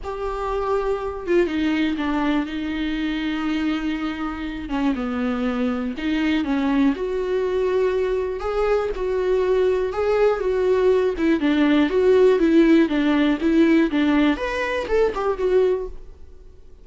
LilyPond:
\new Staff \with { instrumentName = "viola" } { \time 4/4 \tempo 4 = 121 g'2~ g'8 f'8 dis'4 | d'4 dis'2.~ | dis'4. cis'8 b2 | dis'4 cis'4 fis'2~ |
fis'4 gis'4 fis'2 | gis'4 fis'4. e'8 d'4 | fis'4 e'4 d'4 e'4 | d'4 b'4 a'8 g'8 fis'4 | }